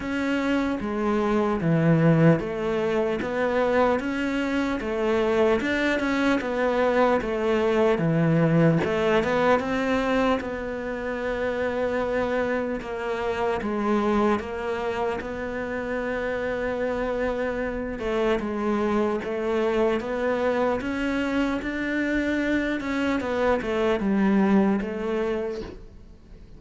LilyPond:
\new Staff \with { instrumentName = "cello" } { \time 4/4 \tempo 4 = 75 cis'4 gis4 e4 a4 | b4 cis'4 a4 d'8 cis'8 | b4 a4 e4 a8 b8 | c'4 b2. |
ais4 gis4 ais4 b4~ | b2~ b8 a8 gis4 | a4 b4 cis'4 d'4~ | d'8 cis'8 b8 a8 g4 a4 | }